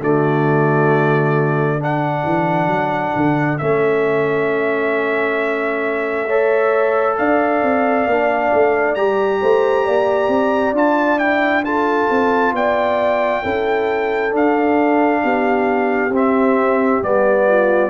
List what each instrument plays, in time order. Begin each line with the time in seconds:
0.00 tuba D3, trombone A3, horn F#4, trumpet D5
1.80 trombone D4, horn A4, trumpet F#5
2.25 tuba E3
2.68 tuba F#3
3.16 tuba D3
3.59 tuba A3, trombone C#4, trumpet E5
6.27 trombone A4, horn C#5
7.18 tuba D4, horn D5, trumpet F5
7.63 tuba C4
8.07 tuba A#3, trombone D4
8.54 tuba A3
8.95 tuba G3, trombone G4, trumpet A#5
9.42 tuba A3, horn C5
9.85 tuba A#3, horn D5
10.29 tuba C4
10.73 tuba D4, trombone F4, trumpet A5
11.19 trombone E4, trumpet G5
11.65 trombone F4, horn A4, trumpet A5
12.10 tuba C4
12.53 tuba B3, horn D5, trumpet G5
13.43 tuba C#4, trombone E4, horn A4
14.31 trombone D4, tuba D4, trumpet F5
15.24 tuba B3, horn G4
16.10 tuba C4, trombone C4, trumpet E5
17.02 tuba G3, trombone B3, trumpet D5
17.48 horn F4